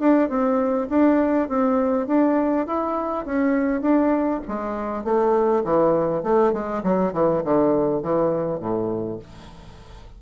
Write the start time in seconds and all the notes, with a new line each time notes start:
0.00 D4
0.29 C4
0.90 D4
1.49 C4
2.07 D4
2.67 E4
3.26 C#4
3.82 D4
4.48 G#3
5.04 A3
5.64 E3
6.23 A3
6.53 G#3
6.83 F#3
7.13 E3
7.44 D3
8.03 E3
8.60 A2